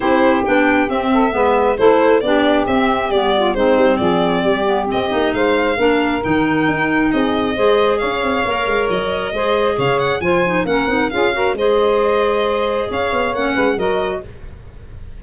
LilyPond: <<
  \new Staff \with { instrumentName = "violin" } { \time 4/4 \tempo 4 = 135 c''4 g''4 e''2 | c''4 d''4 e''4 d''4 | c''4 d''2 dis''4 | f''2 g''2 |
dis''2 f''2 | dis''2 f''8 fis''8 gis''4 | fis''4 f''4 dis''2~ | dis''4 f''4 fis''4 dis''4 | }
  \new Staff \with { instrumentName = "saxophone" } { \time 4/4 g'2~ g'8 a'8 b'4 | a'4 g'2~ g'8 f'8 | dis'4 gis'4 g'2 | c''4 ais'2. |
gis'4 c''4 cis''2~ | cis''4 c''4 cis''4 c''4 | ais'4 gis'8 ais'8 c''2~ | c''4 cis''4. b'8 ais'4 | }
  \new Staff \with { instrumentName = "clarinet" } { \time 4/4 e'4 d'4 c'4 b4 | e'4 d'4 c'4 b4 | c'2~ c'8 b8 c'8 dis'8~ | dis'4 d'4 dis'2~ |
dis'4 gis'2 ais'4~ | ais'4 gis'2 f'8 dis'8 | cis'8 dis'8 f'8 fis'8 gis'2~ | gis'2 cis'4 fis'4 | }
  \new Staff \with { instrumentName = "tuba" } { \time 4/4 c'4 b4 c'4 gis4 | a4 b4 c'4 g4 | gis8 g8 f4 g4 c'8 ais8 | gis4 ais4 dis4 dis'4 |
c'4 gis4 cis'8 c'8 ais8 gis8 | fis4 gis4 cis4 f4 | ais8 c'8 cis'4 gis2~ | gis4 cis'8 b8 ais8 gis8 fis4 | }
>>